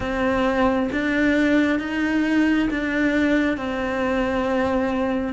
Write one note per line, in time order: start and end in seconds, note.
0.00 0.90 C4
0.92 1.79 D4
1.79 2.69 D#4
2.70 3.57 D4
3.57 5.33 C4